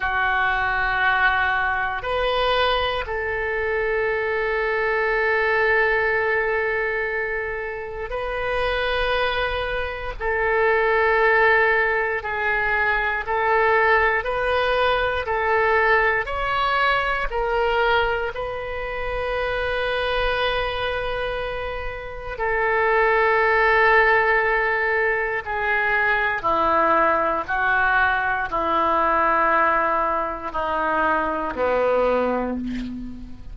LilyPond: \new Staff \with { instrumentName = "oboe" } { \time 4/4 \tempo 4 = 59 fis'2 b'4 a'4~ | a'1 | b'2 a'2 | gis'4 a'4 b'4 a'4 |
cis''4 ais'4 b'2~ | b'2 a'2~ | a'4 gis'4 e'4 fis'4 | e'2 dis'4 b4 | }